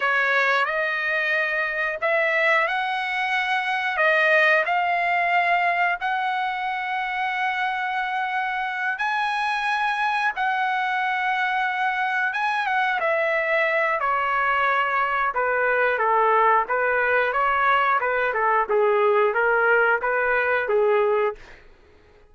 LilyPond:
\new Staff \with { instrumentName = "trumpet" } { \time 4/4 \tempo 4 = 90 cis''4 dis''2 e''4 | fis''2 dis''4 f''4~ | f''4 fis''2.~ | fis''4. gis''2 fis''8~ |
fis''2~ fis''8 gis''8 fis''8 e''8~ | e''4 cis''2 b'4 | a'4 b'4 cis''4 b'8 a'8 | gis'4 ais'4 b'4 gis'4 | }